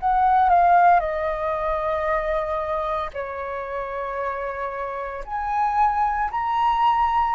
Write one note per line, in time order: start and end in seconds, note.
0.00 0.50 F#5
0.50 1.00 F5
1.00 3.11 D#5
3.13 5.24 C#5
5.25 6.30 G#5
6.31 7.35 A#5